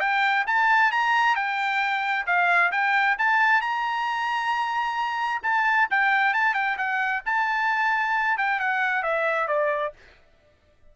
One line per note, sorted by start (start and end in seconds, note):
0.00 0.45 G5
0.47 0.92 A5
0.92 1.35 A#5
1.35 2.26 G5
2.26 2.71 F5
2.71 3.17 G5
3.18 3.61 A5
3.61 5.42 A#5
5.43 5.88 A5
5.90 6.34 G5
6.34 6.54 A5
6.54 6.77 G5
6.77 7.22 F#5
7.25 8.37 A5
8.37 8.59 G5
8.59 9.03 F#5
9.03 9.48 E5
9.48 9.93 D5